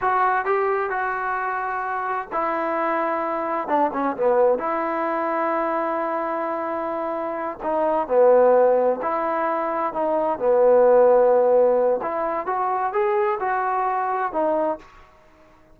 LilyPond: \new Staff \with { instrumentName = "trombone" } { \time 4/4 \tempo 4 = 130 fis'4 g'4 fis'2~ | fis'4 e'2. | d'8 cis'8 b4 e'2~ | e'1~ |
e'8 dis'4 b2 e'8~ | e'4. dis'4 b4.~ | b2 e'4 fis'4 | gis'4 fis'2 dis'4 | }